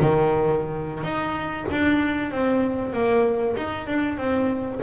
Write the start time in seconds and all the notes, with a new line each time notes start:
0.00 D#3
1.03 D#4
1.70 D4
2.31 C4
2.93 A#3
3.56 D#4
3.87 D4
4.17 C4